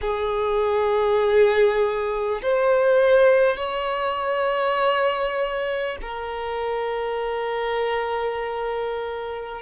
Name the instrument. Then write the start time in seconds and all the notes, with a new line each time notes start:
violin
0.01 G#4
2.42 C5
3.56 C#5
6.01 A#4